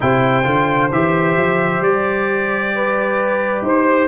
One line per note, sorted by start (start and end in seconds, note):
0.00 0.45 C3
0.00 0.43 E4
0.00 2.75 C5
0.00 0.91 G5
0.43 0.91 D3
0.43 0.89 F4
0.91 1.37 E3
0.91 4.08 G4
0.91 1.82 E5
1.37 1.80 F3
1.80 3.62 G3
1.80 3.64 D5
2.75 3.64 B4
3.62 4.07 D#4
3.62 4.08 C5